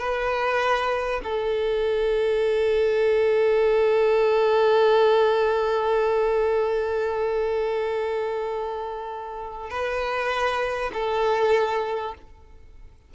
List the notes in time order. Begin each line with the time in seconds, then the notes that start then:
0.00 B4
1.24 A4
9.70 B4
10.94 A4